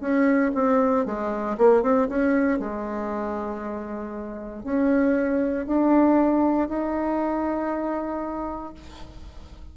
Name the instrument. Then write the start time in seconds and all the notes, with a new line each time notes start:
bassoon
0.00 C#4
0.54 C4
1.05 G#3
1.57 A#3
1.82 C4
2.08 C#4
2.59 G#3
4.63 C#4
5.66 D4
6.68 D#4